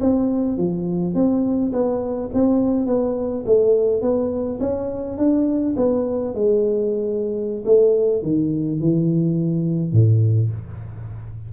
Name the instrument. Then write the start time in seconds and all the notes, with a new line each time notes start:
tuba
0.00 C4
0.57 F3
1.14 C4
1.72 B3
2.33 C4
2.86 B3
3.46 A3
4.01 B3
4.60 C#4
5.17 D4
5.76 B3
6.34 G#3
7.65 A3
8.22 D#3
8.80 E3
9.92 A2